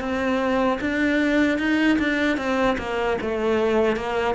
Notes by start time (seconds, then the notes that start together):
0.00 C4
0.81 D4
1.59 D#4
1.99 D4
2.38 C4
2.78 A#3
3.22 A3
3.97 A#3